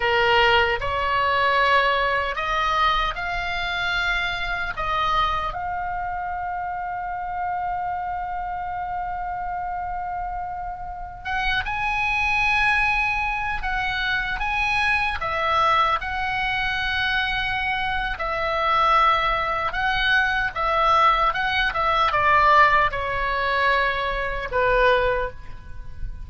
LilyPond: \new Staff \with { instrumentName = "oboe" } { \time 4/4 \tempo 4 = 76 ais'4 cis''2 dis''4 | f''2 dis''4 f''4~ | f''1~ | f''2~ f''16 fis''8 gis''4~ gis''16~ |
gis''4~ gis''16 fis''4 gis''4 e''8.~ | e''16 fis''2~ fis''8. e''4~ | e''4 fis''4 e''4 fis''8 e''8 | d''4 cis''2 b'4 | }